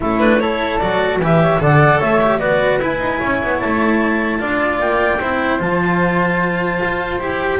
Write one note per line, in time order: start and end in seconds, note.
0.00 0.81 A3
0.00 0.19 C#4
0.00 0.39 E4
0.00 0.20 A4
0.19 0.39 D4
0.19 0.40 B4
0.40 0.80 E4
0.40 1.20 A4
0.40 0.78 C#5
0.78 1.19 F#3
0.78 1.20 F#4
0.78 1.18 D5
1.19 1.59 E3
1.19 1.59 G4
1.19 1.41 B4
1.19 1.63 E5
1.41 1.61 C#5
1.59 2.00 D3
1.59 2.19 A4
1.59 1.98 D5
1.59 2.00 F#5
1.98 2.39 A3
1.98 2.38 C#5
1.98 2.39 E5
2.20 2.40 G4
2.39 2.79 B3
2.39 2.80 F#4
2.39 3.18 B4
2.39 2.79 D5
2.79 2.99 E4
2.79 4.39 E4
2.79 3.59 G#5
2.99 3.19 D#4
3.18 3.42 C#4
3.18 4.38 C#5
3.42 3.62 B3
3.59 4.41 A3
3.59 4.79 A5
4.39 4.79 D4
4.39 5.19 F4
4.39 5.19 D5
4.79 5.19 A#3
4.79 5.60 G5
5.19 5.60 C4
5.19 5.59 E4
5.19 7.59 C5
5.59 6.80 F3
5.59 7.19 F4
5.59 7.20 A5
6.83 7.21 F4
7.20 7.60 E4
7.20 7.60 G4
7.20 7.60 G5